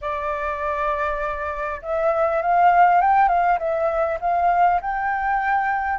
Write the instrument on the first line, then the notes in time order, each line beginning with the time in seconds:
flute
0.01 D5
1.81 E5
2.42 F5
3.01 G5
3.28 F5
3.58 E5
4.20 F5
4.81 G5